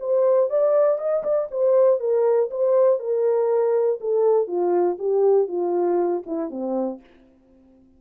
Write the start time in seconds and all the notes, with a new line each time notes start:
0.00 C5
0.50 D5
0.99 D#5
1.24 D5
1.51 C5
2.00 A#4
2.51 C5
3.00 A#4
4.01 A4
4.47 F4
4.99 G4
5.48 F4
6.27 E4
6.50 C4